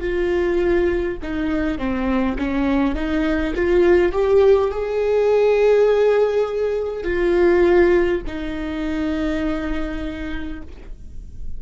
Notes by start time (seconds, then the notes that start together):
0.00 F4
1.22 D#4
1.78 C4
2.38 C#4
2.95 D#4
3.55 F4
4.12 G4
4.71 G#4
7.04 F4
8.27 D#4